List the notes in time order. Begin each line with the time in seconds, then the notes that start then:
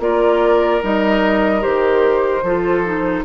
0.00 A#3 F4 A#4 D5
0.82 G3 D#4 D#5
1.60 D#3 G4 C5
2.43 F3 F4 A4
2.85 D#4